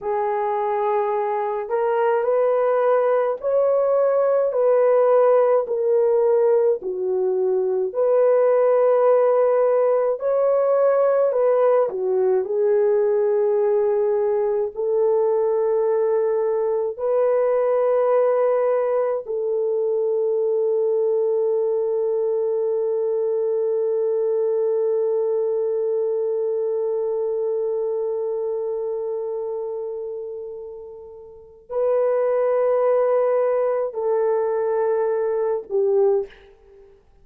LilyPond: \new Staff \with { instrumentName = "horn" } { \time 4/4 \tempo 4 = 53 gis'4. ais'8 b'4 cis''4 | b'4 ais'4 fis'4 b'4~ | b'4 cis''4 b'8 fis'8 gis'4~ | gis'4 a'2 b'4~ |
b'4 a'2.~ | a'1~ | a'1 | b'2 a'4. g'8 | }